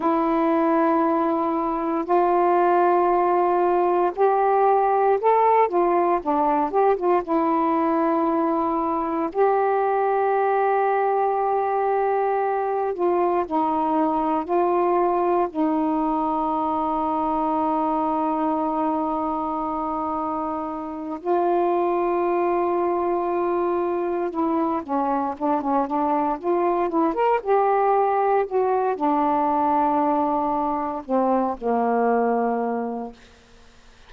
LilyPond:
\new Staff \with { instrumentName = "saxophone" } { \time 4/4 \tempo 4 = 58 e'2 f'2 | g'4 a'8 f'8 d'8 g'16 f'16 e'4~ | e'4 g'2.~ | g'8 f'8 dis'4 f'4 dis'4~ |
dis'1~ | dis'8 f'2. e'8 | cis'8 d'16 cis'16 d'8 f'8 e'16 ais'16 g'4 fis'8 | d'2 c'8 ais4. | }